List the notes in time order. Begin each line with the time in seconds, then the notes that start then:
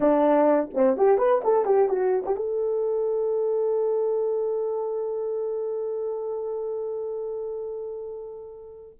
0.00 D4
0.74 C4
0.97 G4
1.18 B4
1.44 A4
1.65 G4
1.88 F#4
2.25 G4
2.36 A4